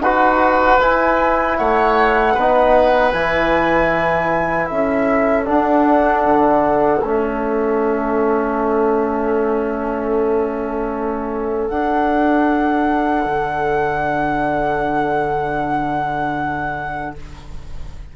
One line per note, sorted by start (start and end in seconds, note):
0.00 0.78 D#4
0.00 0.80 F#4
0.00 1.58 B4
0.00 0.80 F#5
0.79 1.57 E4
0.79 2.36 E4
0.79 1.57 G#5
1.57 2.36 A3
1.57 2.34 C#5
1.57 3.12 F#5
2.34 3.14 B3
2.34 3.13 D#4
2.34 4.68 B4
3.12 4.70 E3
3.12 5.45 E4
3.12 4.65 G#5
4.65 5.48 C#4
4.65 17.15 A4
4.65 5.43 E5
5.45 7.01 D4
5.45 6.25 D4
5.45 7.02 F#5
6.25 7.01 D3
7.01 11.69 A3
7.01 11.70 C#4
7.01 11.69 E5
11.69 13.25 D4
11.69 17.16 D4
11.69 17.14 F#5
13.25 17.15 D3